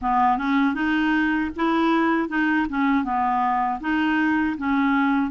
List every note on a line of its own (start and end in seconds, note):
0.01 0.37 B3
0.37 0.74 C#4
0.74 1.50 D#4
1.56 2.29 E4
2.29 2.67 D#4
2.69 3.04 C#4
3.04 3.80 B3
3.80 4.56 D#4
4.57 5.30 C#4